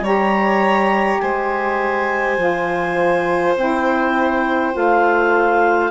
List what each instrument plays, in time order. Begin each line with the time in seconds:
0.00 bassoon G3, saxophone G4, violin C#5, clarinet A#5
1.20 bassoon G#3, violin C5, clarinet G#5
2.37 bassoon F3, saxophone F4
3.56 bassoon C4, saxophone E4, clarinet G5
4.72 bassoon A3, saxophone F4, clarinet F5